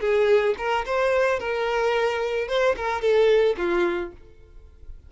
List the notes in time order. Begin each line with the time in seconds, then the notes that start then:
0.00 G#4
0.58 A#4
0.86 C5
1.39 A#4
2.48 C5
2.76 A#4
3.01 A4
3.57 F4